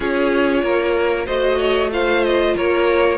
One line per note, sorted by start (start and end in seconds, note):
0.00 0.63 C#4
0.00 1.27 F4
0.00 0.62 G#4
0.00 1.26 C#5
0.63 1.26 A#3
0.63 1.26 A#4
1.26 2.55 A3
1.26 1.90 F#4
1.26 1.58 C5
1.26 1.90 D#5
1.58 1.90 C#5
1.91 3.18 F4
1.91 2.56 C5
1.91 2.24 F5
2.24 2.56 D#5
2.56 3.18 A#3
2.56 3.18 A#4
2.56 3.18 C#5